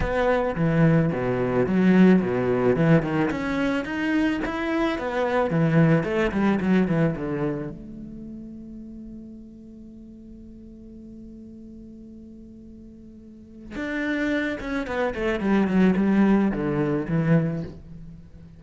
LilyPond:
\new Staff \with { instrumentName = "cello" } { \time 4/4 \tempo 4 = 109 b4 e4 b,4 fis4 | b,4 e8 dis8 cis'4 dis'4 | e'4 b4 e4 a8 g8 | fis8 e8 d4 a2~ |
a1~ | a1~ | a4 d'4. cis'8 b8 a8 | g8 fis8 g4 d4 e4 | }